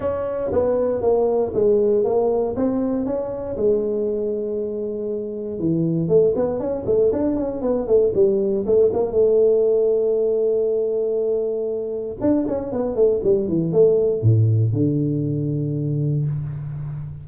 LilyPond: \new Staff \with { instrumentName = "tuba" } { \time 4/4 \tempo 4 = 118 cis'4 b4 ais4 gis4 | ais4 c'4 cis'4 gis4~ | gis2. e4 | a8 b8 cis'8 a8 d'8 cis'8 b8 a8 |
g4 a8 ais8 a2~ | a1 | d'8 cis'8 b8 a8 g8 e8 a4 | a,4 d2. | }